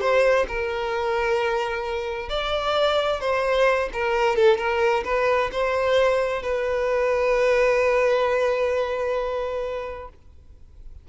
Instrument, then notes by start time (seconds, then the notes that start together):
violin
0.00 C5
0.48 A#4
2.29 D5
3.20 C5
3.93 A#4
4.36 A4
4.57 A#4
5.04 B4
5.51 C5
6.42 B4